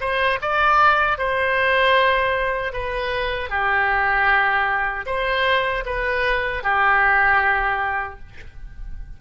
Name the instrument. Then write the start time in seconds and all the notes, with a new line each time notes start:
oboe
0.00 C5
0.42 D5
1.18 C5
2.73 B4
3.50 G4
5.06 C5
5.86 B4
6.63 G4